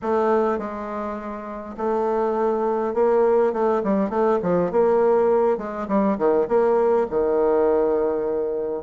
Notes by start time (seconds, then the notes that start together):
0.02 A3
0.58 G#3
1.77 A3
2.94 A#3
3.52 A3
3.83 G3
4.09 A3
4.42 F3
4.71 A#3
5.57 G#3
5.88 G3
6.17 D#3
6.48 A#3
7.10 D#3